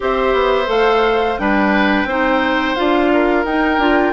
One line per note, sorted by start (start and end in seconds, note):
0.00 0.33 C4
0.00 0.65 G4
0.00 1.40 C5
0.00 0.69 E5
0.33 0.67 B3
0.65 1.36 A3
0.65 1.34 A4
0.65 1.38 F5
1.38 2.05 G3
1.38 2.07 D4
1.38 2.07 B4
1.38 2.75 G5
2.05 2.74 C4
2.05 2.76 D#4
2.05 3.11 C5
2.75 3.45 D4
2.75 3.45 F4
2.75 3.44 F5
3.13 4.12 A#4
3.45 3.78 D#4
3.45 3.80 D#4
3.45 4.12 G5
3.78 4.12 D4
3.78 4.12 F4